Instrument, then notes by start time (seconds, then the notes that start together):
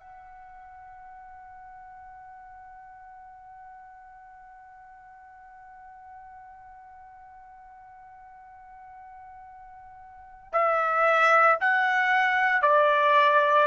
trumpet
0.00 F#5
10.53 E5
11.61 F#5
12.62 D5